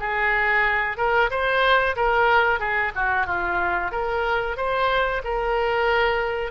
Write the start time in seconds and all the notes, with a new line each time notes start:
0.00 G#4
0.98 A#4
1.31 C5
1.97 A#4
2.60 G#4
2.96 F#4
3.27 F4
3.92 A#4
4.57 C5
5.24 A#4